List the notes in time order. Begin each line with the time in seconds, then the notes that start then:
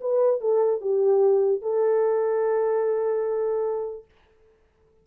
0.00 B4
0.40 A4
0.81 G4
1.61 A4